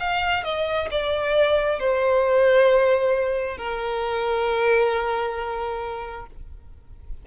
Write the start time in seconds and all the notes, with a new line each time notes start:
0.00 F5
0.44 D#5
0.91 D5
1.80 C5
3.58 A#4